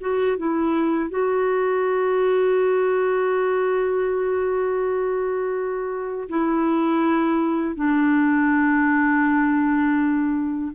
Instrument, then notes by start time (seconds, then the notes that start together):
clarinet
0.00 F#4
0.37 E4
1.09 F#4
6.29 E4
7.75 D4